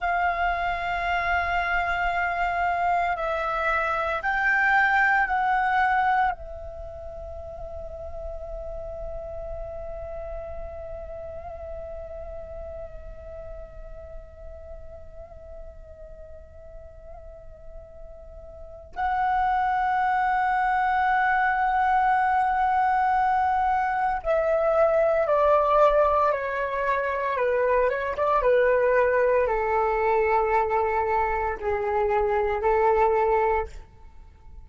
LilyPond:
\new Staff \with { instrumentName = "flute" } { \time 4/4 \tempo 4 = 57 f''2. e''4 | g''4 fis''4 e''2~ | e''1~ | e''1~ |
e''2 fis''2~ | fis''2. e''4 | d''4 cis''4 b'8 cis''16 d''16 b'4 | a'2 gis'4 a'4 | }